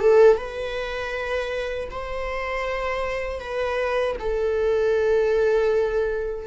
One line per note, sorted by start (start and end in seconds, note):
0.00 0.37 A4
0.37 1.89 B4
1.91 3.40 C5
3.40 4.16 B4
4.19 6.47 A4